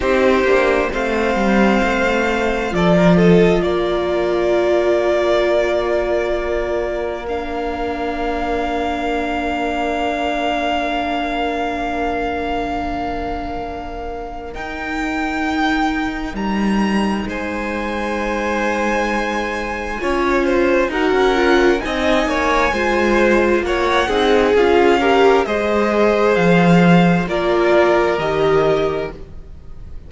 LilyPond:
<<
  \new Staff \with { instrumentName = "violin" } { \time 4/4 \tempo 4 = 66 c''4 f''2 d''8 dis''8 | d''1 | f''1~ | f''1 |
g''2 ais''4 gis''4~ | gis''2. fis''4 | gis''2 fis''4 f''4 | dis''4 f''4 d''4 dis''4 | }
  \new Staff \with { instrumentName = "violin" } { \time 4/4 g'4 c''2 a'16 ais'16 a'8 | ais'1~ | ais'1~ | ais'1~ |
ais'2. c''4~ | c''2 cis''8 c''8 ais'4 | dis''8 cis''8 c''4 cis''8 gis'4 ais'8 | c''2 ais'2 | }
  \new Staff \with { instrumentName = "viola" } { \time 4/4 dis'8 d'8 c'2 f'4~ | f'1 | d'1~ | d'1 |
dis'1~ | dis'2 f'4 fis'8 f'8 | dis'4 f'4. dis'8 f'8 g'8 | gis'2 f'4 g'4 | }
  \new Staff \with { instrumentName = "cello" } { \time 4/4 c'8 ais8 a8 g8 a4 f4 | ais1~ | ais1~ | ais1 |
dis'2 g4 gis4~ | gis2 cis'4 dis'16 cis'8. | c'8 ais8 gis4 ais8 c'8 cis'4 | gis4 f4 ais4 dis4 | }
>>